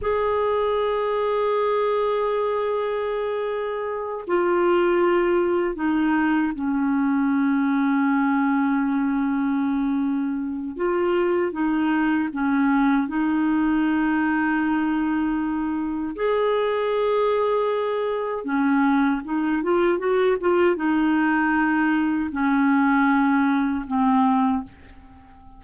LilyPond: \new Staff \with { instrumentName = "clarinet" } { \time 4/4 \tempo 4 = 78 gis'1~ | gis'4. f'2 dis'8~ | dis'8 cis'2.~ cis'8~ | cis'2 f'4 dis'4 |
cis'4 dis'2.~ | dis'4 gis'2. | cis'4 dis'8 f'8 fis'8 f'8 dis'4~ | dis'4 cis'2 c'4 | }